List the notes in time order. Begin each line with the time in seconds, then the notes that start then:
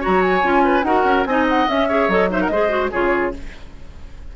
0.00 F#4 C#5 A#5
0.07 F#3
0.22 G#5
0.43 C#4 F4
0.65 B4
0.84 D#4 F#4 A#4 F#5
1.04 C#4
1.26 C4 D#4 D#5 G#5
1.49 F#5
1.68 C#4 E5
1.88 G#4 C#5
2.09 F#3 A4 D#5
2.30 D#4 C5 E5
2.41 A#4 F#5
2.47 G#3 G#4 C5 D#5
2.69 F#4
2.91 C#3 F4 G#4 C#5